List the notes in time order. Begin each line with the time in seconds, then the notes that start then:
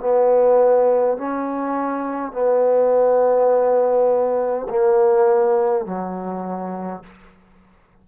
0.00 B3
1.18 C#4
2.32 B3
4.70 A#3
5.86 F#3